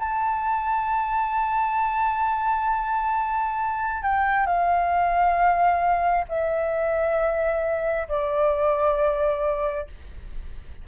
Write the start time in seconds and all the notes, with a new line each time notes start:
0.00 A5
4.03 G5
4.47 F5
6.29 E5
8.09 D5